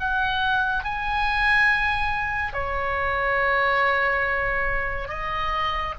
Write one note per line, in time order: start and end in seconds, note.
0.00 0.85 F#5
0.85 2.54 G#5
2.54 5.09 C#5
5.09 5.95 D#5